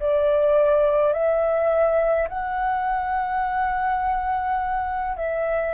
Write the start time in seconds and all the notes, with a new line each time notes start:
0.00 D5
1.13 E5
2.29 F#5
5.17 E5